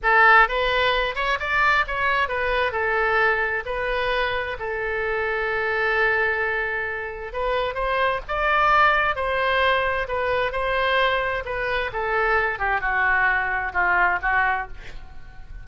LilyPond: \new Staff \with { instrumentName = "oboe" } { \time 4/4 \tempo 4 = 131 a'4 b'4. cis''8 d''4 | cis''4 b'4 a'2 | b'2 a'2~ | a'1 |
b'4 c''4 d''2 | c''2 b'4 c''4~ | c''4 b'4 a'4. g'8 | fis'2 f'4 fis'4 | }